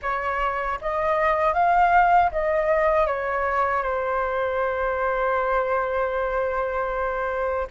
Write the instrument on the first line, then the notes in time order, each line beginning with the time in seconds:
flute
0.02 C#5
0.81 D#5
1.53 F5
2.31 D#5
3.06 C#5
3.83 C5